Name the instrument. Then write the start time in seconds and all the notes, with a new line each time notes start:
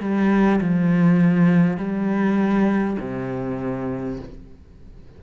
cello
0.00 G3
0.60 F3
1.77 G3
2.99 C3